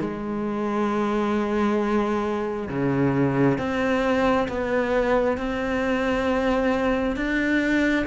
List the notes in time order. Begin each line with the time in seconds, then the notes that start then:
0.00 G#3
2.69 C#3
3.58 C4
4.48 B3
5.37 C4
7.16 D4